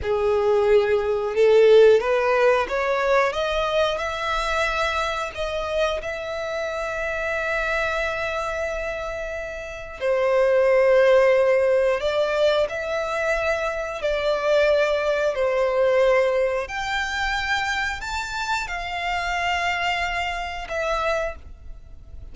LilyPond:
\new Staff \with { instrumentName = "violin" } { \time 4/4 \tempo 4 = 90 gis'2 a'4 b'4 | cis''4 dis''4 e''2 | dis''4 e''2.~ | e''2. c''4~ |
c''2 d''4 e''4~ | e''4 d''2 c''4~ | c''4 g''2 a''4 | f''2. e''4 | }